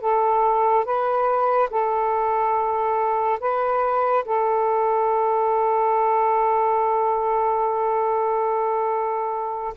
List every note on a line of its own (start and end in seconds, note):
0.00 0.85 A4
0.85 1.69 B4
1.70 3.39 A4
3.40 4.24 B4
4.25 9.74 A4